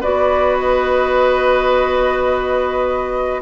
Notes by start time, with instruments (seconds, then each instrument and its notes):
0.00 bassoon B3, clarinet F#4, oboe B4, flute D5
0.58 flute D#5